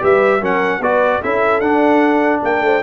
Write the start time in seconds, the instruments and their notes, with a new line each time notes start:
0.00 tuba G3, trombone G4, horn B4, trumpet E5
0.40 tuba F#3, trombone C#4, horn A#4, trumpet F#5
0.79 tuba B3, trombone F#4, horn B4, trumpet D5
1.21 tuba C#4, trombone E4, horn A4, trumpet E5
1.60 tuba D4, trombone D4, trumpet F#5
2.43 tuba A#3, horn A#4, trumpet G5
2.61 tuba A3, horn C5